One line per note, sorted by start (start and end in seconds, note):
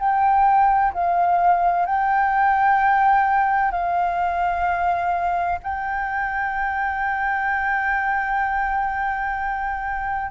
0.00 0.94 G5
0.94 1.86 F5
1.86 3.72 G5
3.72 5.60 F5
5.64 10.32 G5